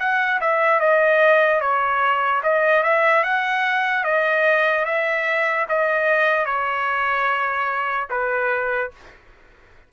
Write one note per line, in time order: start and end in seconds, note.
0.00 0.41 F#5
0.41 0.80 E5
0.80 1.61 D#5
1.61 2.43 C#5
2.44 2.83 D#5
2.83 3.24 E5
3.24 4.05 F#5
4.05 4.86 D#5
4.86 5.67 E5
5.69 6.46 D#5
6.46 8.08 C#5
8.10 8.92 B4